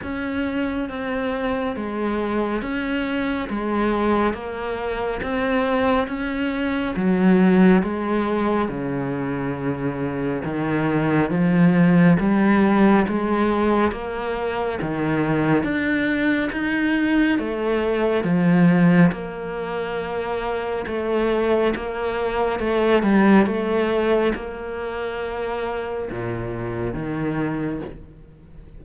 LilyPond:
\new Staff \with { instrumentName = "cello" } { \time 4/4 \tempo 4 = 69 cis'4 c'4 gis4 cis'4 | gis4 ais4 c'4 cis'4 | fis4 gis4 cis2 | dis4 f4 g4 gis4 |
ais4 dis4 d'4 dis'4 | a4 f4 ais2 | a4 ais4 a8 g8 a4 | ais2 ais,4 dis4 | }